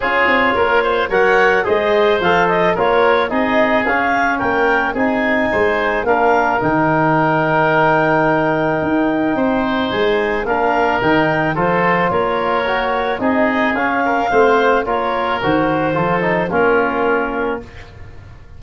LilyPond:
<<
  \new Staff \with { instrumentName = "clarinet" } { \time 4/4 \tempo 4 = 109 cis''2 fis''4 dis''4 | f''8 dis''8 cis''4 dis''4 f''4 | g''4 gis''2 f''4 | g''1~ |
g''2 gis''4 f''4 | g''4 c''4 cis''2 | dis''4 f''2 cis''4 | c''2 ais'2 | }
  \new Staff \with { instrumentName = "oboe" } { \time 4/4 gis'4 ais'8 c''8 cis''4 c''4~ | c''4 ais'4 gis'2 | ais'4 gis'4 c''4 ais'4~ | ais'1~ |
ais'4 c''2 ais'4~ | ais'4 a'4 ais'2 | gis'4. ais'8 c''4 ais'4~ | ais'4 a'4 f'2 | }
  \new Staff \with { instrumentName = "trombone" } { \time 4/4 f'2 ais'4 gis'4 | a'4 f'4 dis'4 cis'4~ | cis'4 dis'2 d'4 | dis'1~ |
dis'2. d'4 | dis'4 f'2 fis'4 | dis'4 cis'4 c'4 f'4 | fis'4 f'8 dis'8 cis'2 | }
  \new Staff \with { instrumentName = "tuba" } { \time 4/4 cis'8 c'8 ais4 fis4 gis4 | f4 ais4 c'4 cis'4 | ais4 c'4 gis4 ais4 | dis1 |
dis'4 c'4 gis4 ais4 | dis4 f4 ais2 | c'4 cis'4 a4 ais4 | dis4 f4 ais2 | }
>>